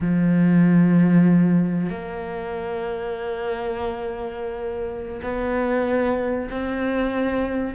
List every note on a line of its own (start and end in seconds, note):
0.00 1.89 F3
1.89 5.21 A#3
5.22 6.49 B3
6.50 7.75 C4